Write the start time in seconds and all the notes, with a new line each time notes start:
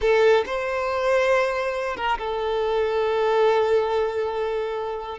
0.01 A4
0.46 C5
1.96 A#4
2.18 A4